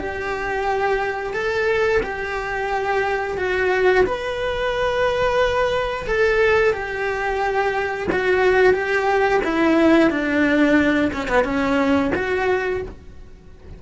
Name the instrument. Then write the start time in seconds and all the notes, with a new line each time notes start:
cello
0.00 G4
1.34 A4
2.03 G4
3.38 F#4
4.07 B4
6.07 A4
6.74 G4
8.12 F#4
8.74 G4
9.44 E4
10.11 D4
11.14 C#4
11.29 B3
11.45 C#4
12.15 F#4